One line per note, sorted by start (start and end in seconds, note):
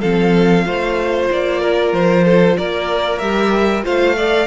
0.00 0.66 F3
0.00 0.64 C4
0.00 0.64 A4
0.00 1.28 F5
0.64 1.29 A3
0.64 3.20 F4
0.64 1.60 C5
1.31 1.92 A#3
1.31 1.93 D5
1.60 2.24 A#4
1.92 2.56 F3
1.92 2.57 C5
2.24 2.56 A4
2.57 3.21 A#3
2.57 3.84 A#4
2.57 3.18 D5
3.18 3.85 G3
3.18 3.83 G4
3.18 3.82 E5
3.83 4.46 A3
3.83 4.15 F4
3.83 4.16 C5
3.83 4.46 F5
4.16 4.46 A4
4.16 4.46 D5